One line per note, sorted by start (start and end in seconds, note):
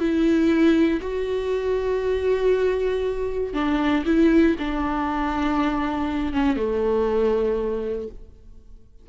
0.00 1.01 E4
1.02 3.54 F#4
3.54 4.04 D4
4.06 4.56 E4
4.59 6.33 D4
6.33 6.57 C#4
6.57 8.08 A3